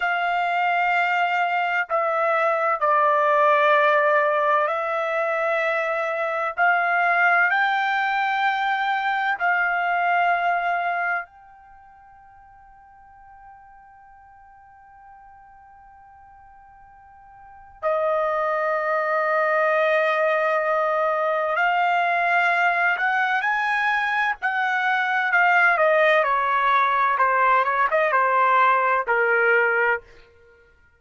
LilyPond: \new Staff \with { instrumentName = "trumpet" } { \time 4/4 \tempo 4 = 64 f''2 e''4 d''4~ | d''4 e''2 f''4 | g''2 f''2 | g''1~ |
g''2. dis''4~ | dis''2. f''4~ | f''8 fis''8 gis''4 fis''4 f''8 dis''8 | cis''4 c''8 cis''16 dis''16 c''4 ais'4 | }